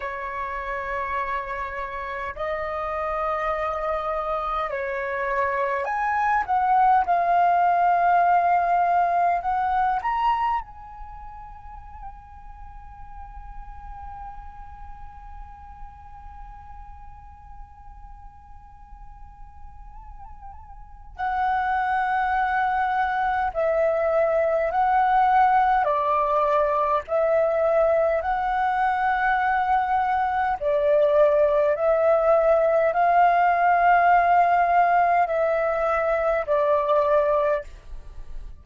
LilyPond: \new Staff \with { instrumentName = "flute" } { \time 4/4 \tempo 4 = 51 cis''2 dis''2 | cis''4 gis''8 fis''8 f''2 | fis''8 ais''8 gis''2.~ | gis''1~ |
gis''2 fis''2 | e''4 fis''4 d''4 e''4 | fis''2 d''4 e''4 | f''2 e''4 d''4 | }